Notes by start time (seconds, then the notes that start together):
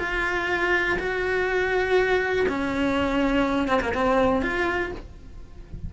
0.00 F4
0.99 F#4
2.49 C#4
3.68 C4
3.82 A#3
3.95 C4
4.42 F4